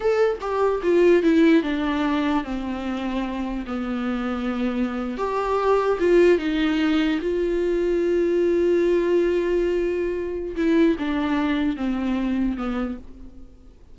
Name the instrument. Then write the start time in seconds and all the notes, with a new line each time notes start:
viola
0.00 A4
0.40 G4
0.82 F4
1.22 E4
1.62 D4
2.44 C4
3.66 B3
5.17 G4
5.99 F4
6.38 D#4
7.21 F4
10.56 E4
10.99 D4
11.76 C4
12.57 B3